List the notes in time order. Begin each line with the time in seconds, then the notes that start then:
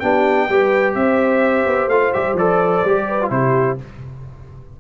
0.00 B3 D4 G4 G5
0.49 G3 G4 B4
0.95 C4 C5 E5
1.66 B3
1.87 A3 F4 F5
2.13 G3 G4 E5
2.34 F3 A4 D5
2.85 G3 G4
3.08 B4
3.22 F4
3.31 C3 E4 G4 C5